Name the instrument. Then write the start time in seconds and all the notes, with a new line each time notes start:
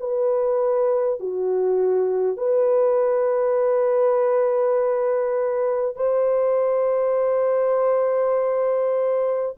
horn
0.00 B4
1.20 F#4
2.37 B4
5.96 C5